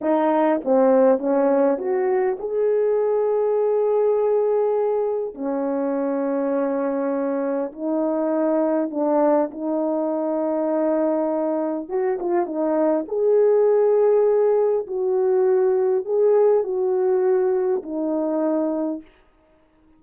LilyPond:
\new Staff \with { instrumentName = "horn" } { \time 4/4 \tempo 4 = 101 dis'4 c'4 cis'4 fis'4 | gis'1~ | gis'4 cis'2.~ | cis'4 dis'2 d'4 |
dis'1 | fis'8 f'8 dis'4 gis'2~ | gis'4 fis'2 gis'4 | fis'2 dis'2 | }